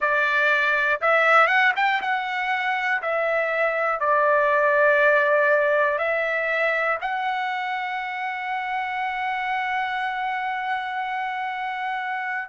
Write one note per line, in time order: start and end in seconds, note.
0.00 1.00 D5
1.00 1.47 E5
1.47 1.72 F#5
1.75 2.00 G5
2.01 3.01 F#5
3.02 4.00 E5
4.00 5.98 D5
5.98 6.98 E5
7.01 12.49 F#5